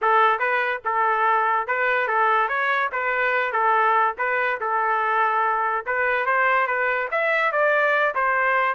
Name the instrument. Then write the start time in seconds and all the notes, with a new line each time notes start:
trumpet
0.01 A4
0.39 B4
0.84 A4
1.67 B4
2.07 A4
2.48 C#5
2.91 B4
3.52 A4
4.18 B4
4.60 A4
5.85 B4
6.26 C5
6.67 B4
7.11 E5
7.52 D5
8.14 C5